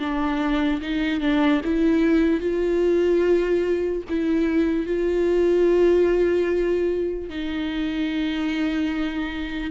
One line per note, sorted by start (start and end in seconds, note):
0.00 0.81 D4
0.81 1.21 D#4
1.21 1.61 D4
1.64 2.41 E4
2.41 4.03 F4
4.09 4.86 E4
4.86 7.30 F4
7.30 9.71 D#4